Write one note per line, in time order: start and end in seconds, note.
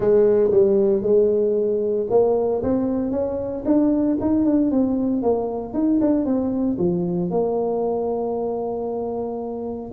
0.00 0.51 G#3
0.51 1.02 G3
1.02 2.06 G#3
2.10 2.62 A#3
2.63 3.11 C4
3.11 3.63 C#4
3.65 4.17 D4
4.20 4.45 D#4
4.45 4.71 D4
4.71 5.22 C4
5.22 5.73 A#3
5.73 5.99 D#4
6.00 6.25 D4
6.25 6.77 C4
6.78 7.30 F3
7.30 9.91 A#3